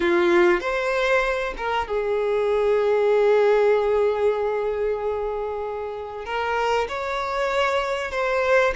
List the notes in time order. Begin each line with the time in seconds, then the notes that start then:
0.00 F4
0.60 C5
1.57 A#4
1.87 G#4
6.25 A#4
6.88 C#5
8.11 C5